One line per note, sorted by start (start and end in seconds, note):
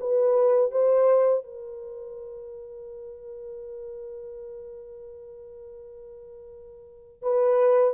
0.00 0.71 B4
0.71 1.43 C5
1.43 7.22 A#4
7.22 7.94 B4